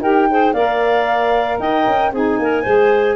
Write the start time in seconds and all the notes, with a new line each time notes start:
0.00 D#4 G4 A#4 G5
0.29 G#4 C5
0.54 A#3 A#4 D5 F5
1.60 D#4 D#5 G5
1.86 C#4
2.12 C4 D#4 G#4 G#5
2.39 A#3 A#4
2.63 G#3 G#4 C5